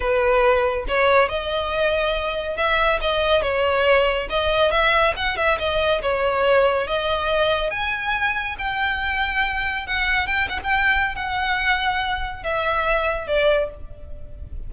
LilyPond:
\new Staff \with { instrumentName = "violin" } { \time 4/4 \tempo 4 = 140 b'2 cis''4 dis''4~ | dis''2 e''4 dis''4 | cis''2 dis''4 e''4 | fis''8 e''8 dis''4 cis''2 |
dis''2 gis''2 | g''2. fis''4 | g''8 fis''16 g''4~ g''16 fis''2~ | fis''4 e''2 d''4 | }